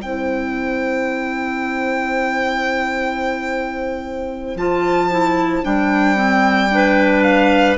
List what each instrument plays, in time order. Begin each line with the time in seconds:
0.00 bassoon C4, clarinet E4 C5, violin G5
4.55 bassoon F3, clarinet F4, violin A5
5.10 clarinet E4
5.63 bassoon G3, clarinet D4, violin G5
6.15 clarinet C4
6.69 clarinet D4 B4
7.23 violin F5